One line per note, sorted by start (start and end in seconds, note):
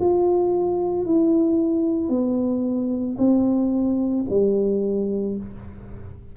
0.00 1.05 F4
1.05 2.09 E4
2.09 3.16 B3
3.18 4.25 C4
4.30 5.37 G3